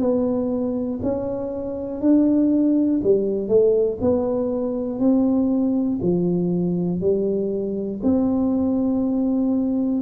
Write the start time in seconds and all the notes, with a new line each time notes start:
0.00 B3
1.02 C#4
2.01 D4
3.04 G3
3.48 A3
4.01 B3
4.99 C4
6.02 F3
7.00 G3
8.03 C4